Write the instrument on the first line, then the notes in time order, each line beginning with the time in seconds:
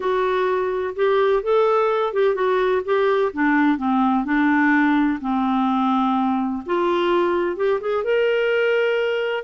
clarinet
0.00 F#4
0.95 G4
1.42 A4
2.13 G4
2.34 F#4
2.84 G4
3.33 D4
3.77 C4
4.25 D4
5.21 C4
6.66 F4
7.56 G4
7.80 G#4
8.04 A#4